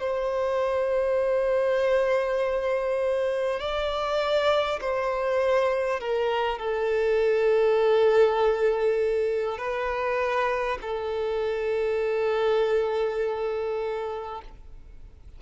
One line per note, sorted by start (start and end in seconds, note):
0.00 3.59 C5
3.59 4.79 D5
4.80 5.99 C5
5.99 6.58 A#4
6.58 9.58 A4
9.58 10.78 B4
10.81 14.41 A4